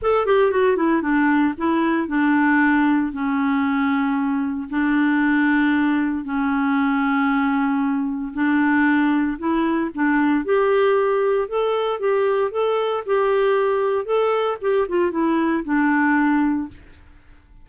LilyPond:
\new Staff \with { instrumentName = "clarinet" } { \time 4/4 \tempo 4 = 115 a'8 g'8 fis'8 e'8 d'4 e'4 | d'2 cis'2~ | cis'4 d'2. | cis'1 |
d'2 e'4 d'4 | g'2 a'4 g'4 | a'4 g'2 a'4 | g'8 f'8 e'4 d'2 | }